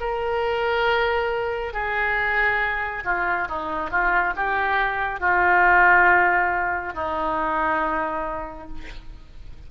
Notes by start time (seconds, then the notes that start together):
0.00 A#4
1.74 G#4
3.05 F4
3.49 D#4
3.91 F4
4.36 G4
5.20 F4
6.94 D#4